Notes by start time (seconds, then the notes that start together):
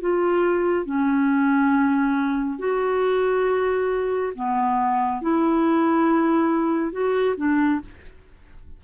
0.00 F4
0.85 C#4
2.58 F#4
4.35 B3
5.21 E4
6.92 F#4
7.37 D4